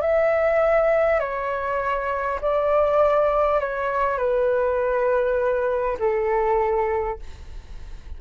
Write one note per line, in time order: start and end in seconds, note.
0.00 1.19 E5
1.19 2.39 C#5
2.41 3.60 D5
3.60 4.17 C#5
4.17 5.97 B4
5.99 7.19 A4